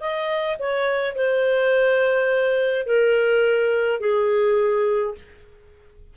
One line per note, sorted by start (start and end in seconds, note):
0.00 0.57 D#5
0.59 1.15 C#5
1.15 2.86 C5
2.86 4.00 A#4
4.00 5.14 G#4